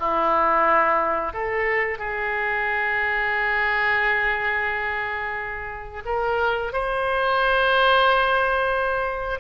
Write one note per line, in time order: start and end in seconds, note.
0.00 1.34 E4
1.34 1.99 A4
1.99 6.03 G#4
6.06 6.73 A#4
6.73 9.40 C5